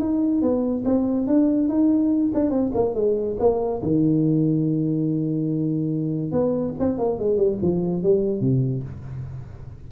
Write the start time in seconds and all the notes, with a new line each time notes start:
0.00 D#4
0.42 B3
0.85 C4
1.27 D4
1.69 D#4
2.35 D4
2.50 C4
2.75 A#3
2.95 G#3
3.40 A#3
3.83 D#3
6.32 B3
6.80 C4
6.98 A#3
7.19 G#3
7.37 G3
7.62 F3
8.03 G3
8.41 C3